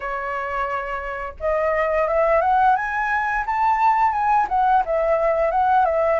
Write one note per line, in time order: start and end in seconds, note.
0.00 1.34 C#5
1.39 2.08 D#5
2.08 2.41 E5
2.41 2.76 F#5
2.76 3.45 G#5
3.45 4.12 A5
4.12 4.46 G#5
4.49 4.83 F#5
4.85 5.51 E5
5.51 5.85 F#5
5.85 6.19 E5